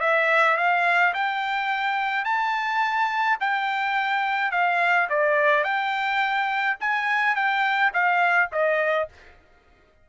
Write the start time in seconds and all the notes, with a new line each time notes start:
0.00 E5
0.57 F5
1.14 G5
2.24 A5
3.40 G5
4.51 F5
5.09 D5
5.63 G5
6.80 G#5
7.35 G5
7.93 F5
8.52 D#5